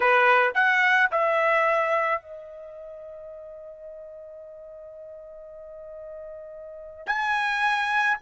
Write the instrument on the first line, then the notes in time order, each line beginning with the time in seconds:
trumpet
0.00 B4
0.54 F#5
1.11 E5
2.21 D#5
7.06 G#5